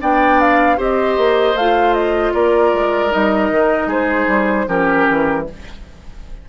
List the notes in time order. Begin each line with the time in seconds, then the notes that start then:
0.00 B3 D4 D5 G5
0.40 F5
0.77 C4 G4 C5 D#5
1.17 A#3
1.54 A3 F4 F5
1.93 D#5
2.33 A#3 A#4 D5
2.73 G#3
3.10 G3 D#4 D#5
3.50 D#3
3.86 G#3 G#4 C5
4.27 G3
4.66 F3 C#4 G4 A#4
5.09 E3